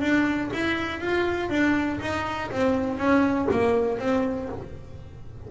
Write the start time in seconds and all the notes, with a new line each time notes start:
0.00 D4
0.53 E4
1.00 F4
1.49 D4
2.00 D#4
2.51 C4
2.98 C#4
3.51 A#3
3.98 C4